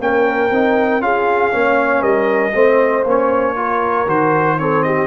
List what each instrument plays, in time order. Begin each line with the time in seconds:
0.00 tuba A#3, trombone C#4, horn A#4, trumpet G5
0.51 tuba C4, trombone D#4
1.01 tuba C#4, trombone F4, horn G#4, trumpet F5
1.51 tuba A#3, trombone C#4, horn C#5
2.01 tuba G3, horn A#4, trumpet D#5
2.54 tuba A3, trombone C4, horn C5
3.05 tuba A#3, trombone C#4, trumpet C#5
3.56 trombone F4, horn A#4
4.07 tuba D#3, trombone F#4, trumpet C5
4.59 trombone C4, horn A4, trumpet C#5
4.83 horn G4, trumpet D#5